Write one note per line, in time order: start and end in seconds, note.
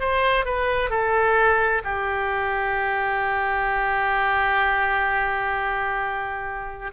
0.00 0.45 C5
0.45 0.90 B4
0.90 1.82 A4
1.84 6.92 G4